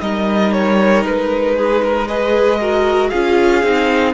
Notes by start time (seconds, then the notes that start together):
0.00 G3 D#4 A#4 D#5
0.52 C#5
1.05 G#3 B4
1.56 G#4
1.83 A#4
2.08 G#4 B4 D#5
2.60 F#4 A#4
3.10 C#4 F4 G#4 F5
3.63 C4 D#4